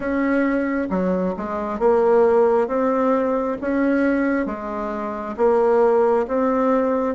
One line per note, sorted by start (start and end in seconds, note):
0.00 0.88 C#4
0.90 1.34 F#3
1.36 1.79 G#3
1.79 2.67 A#3
2.67 3.57 C4
3.61 4.46 C#4
4.46 5.35 G#3
5.36 6.26 A#3
6.27 7.15 C4